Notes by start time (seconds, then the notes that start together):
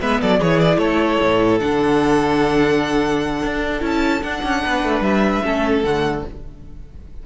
0.00 G#3 B3 B4 E5
0.20 F#3 A4 D5
0.38 E3 E4 G#4 C#5
0.59 D5
0.77 A3 A4 C#5
1.20 A2
1.59 D3 D4 F#5
3.42 D4
3.80 C#4 E4 A5
4.22 D4 F#5
4.43 C#4
4.63 B3 B4
4.83 A3
5.00 G3 E5
5.43 A3 C#4 A4
5.82 D3 A3 F#5